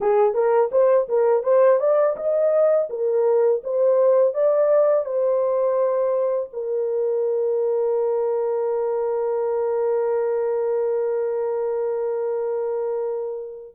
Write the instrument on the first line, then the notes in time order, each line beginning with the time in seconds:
horn
0.00 G#4
0.34 A#4
0.71 C5
1.08 A#4
1.43 C5
1.79 D5
2.16 D#5
2.89 A#4
3.63 C5
4.34 D5
5.05 C5
6.53 A#4